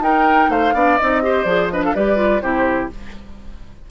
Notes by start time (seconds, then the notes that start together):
0.00 D#4 A#4 G5
0.49 A3 C5 F5
0.74 B3 D4 D5
0.97 C4 D#4 D#5
1.22 G4 C5
1.44 F3 G#4 D5
1.70 D4 B4 D#5
1.83 A4 F5
1.94 G3 G4 B4 D5
2.16 F4
2.41 C3 E4 G4 C5